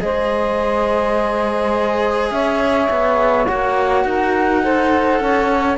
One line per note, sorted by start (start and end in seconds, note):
0.00 2.31 G#3
0.00 3.46 G#4
0.00 2.33 C5
0.00 2.31 D#5
2.31 2.89 C#4
2.31 4.06 C#5
2.31 3.46 E5
2.91 3.48 B3
3.46 4.05 A#3
3.46 4.63 F#4
3.46 5.76 F#5
4.05 5.20 D#4
4.05 4.63 A#4
4.63 5.78 A4
4.63 5.21 C5
5.21 5.78 C#4
5.21 5.78 C#5